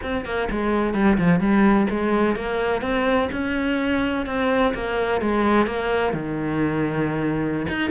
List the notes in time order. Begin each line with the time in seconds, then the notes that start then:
0.03 C4
0.25 A#3
0.50 G#3
0.93 G3
1.17 F3
1.40 G3
1.90 G#3
2.36 A#3
2.81 C4
3.32 C#4
4.26 C4
4.74 A#3
5.21 G#3
5.66 A#3
6.13 D#3
7.68 D#4